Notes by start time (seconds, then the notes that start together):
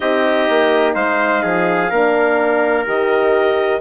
0.00 C4 D#4 G4 D#5
0.48 A#3
0.94 G#3 C5 F5
1.42 F3 G#4
1.90 A#3 D4 A#4
2.85 D#3 G4 D#5